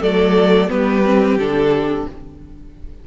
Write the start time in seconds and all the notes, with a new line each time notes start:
0.00 F#3 A3 A4 D5
0.68 G3 B3 G4 B4
1.04 C4
1.37 D3 D4 A4